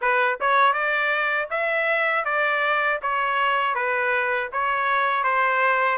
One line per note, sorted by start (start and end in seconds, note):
0.01 0.38 B4
0.40 0.73 C#5
0.73 1.48 D5
1.50 2.25 E5
2.25 3.00 D5
3.01 3.74 C#5
3.74 4.49 B4
4.52 5.23 C#5
5.23 5.98 C5